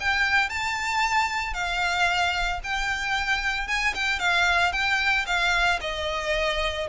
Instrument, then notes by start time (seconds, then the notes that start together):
violin
0.00 G5
0.49 A5
1.54 F5
2.64 G5
3.68 G#5
3.94 G5
4.19 F5
4.73 G5
5.27 F5
5.81 D#5